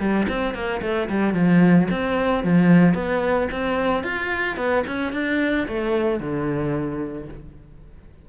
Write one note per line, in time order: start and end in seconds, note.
0.00 0.27 G3
0.29 0.54 C4
0.54 0.81 A#3
0.82 1.09 A3
1.10 1.34 G3
1.34 1.88 F3
1.91 2.44 C4
2.44 2.94 F3
2.94 3.48 B3
3.52 4.04 C4
4.04 4.57 F4
4.57 4.84 B3
4.87 5.13 C#4
5.13 5.67 D4
5.68 6.20 A3
6.20 7.28 D3